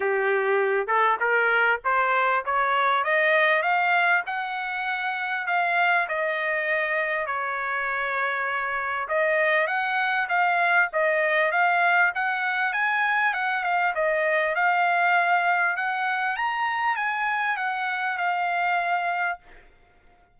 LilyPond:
\new Staff \with { instrumentName = "trumpet" } { \time 4/4 \tempo 4 = 99 g'4. a'8 ais'4 c''4 | cis''4 dis''4 f''4 fis''4~ | fis''4 f''4 dis''2 | cis''2. dis''4 |
fis''4 f''4 dis''4 f''4 | fis''4 gis''4 fis''8 f''8 dis''4 | f''2 fis''4 ais''4 | gis''4 fis''4 f''2 | }